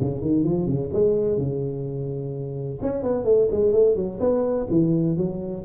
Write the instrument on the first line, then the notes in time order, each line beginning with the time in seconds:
tuba
0.00 C#3
0.21 D#3
0.44 F3
0.66 C#3
0.92 G#3
1.37 C#3
2.82 C#4
3.02 B3
3.24 A3
3.51 G#3
3.72 A3
3.95 F#3
4.20 B3
4.70 E3
5.17 F#3